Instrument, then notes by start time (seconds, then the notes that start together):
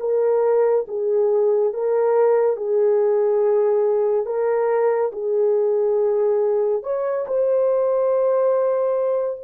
horn
0.00 A#4
0.88 G#4
1.73 A#4
2.57 G#4
4.25 A#4
5.12 G#4
6.83 C#5
7.27 C5